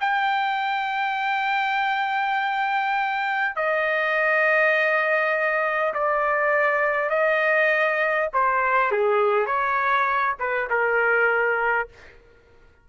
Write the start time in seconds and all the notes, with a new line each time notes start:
0.00 G5
3.56 D#5
5.94 D5
7.10 D#5
8.33 C5
8.91 G#4
9.46 C#5
10.39 B4
10.70 A#4